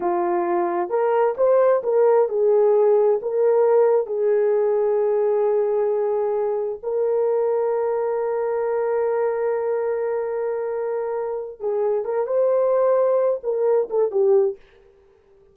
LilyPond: \new Staff \with { instrumentName = "horn" } { \time 4/4 \tempo 4 = 132 f'2 ais'4 c''4 | ais'4 gis'2 ais'4~ | ais'4 gis'2.~ | gis'2. ais'4~ |
ais'1~ | ais'1~ | ais'4. gis'4 ais'8 c''4~ | c''4. ais'4 a'8 g'4 | }